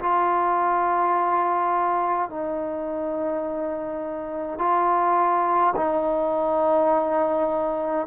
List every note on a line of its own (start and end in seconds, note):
0.00 2.30 F4
2.30 4.59 D#4
4.59 5.74 F4
5.76 8.07 D#4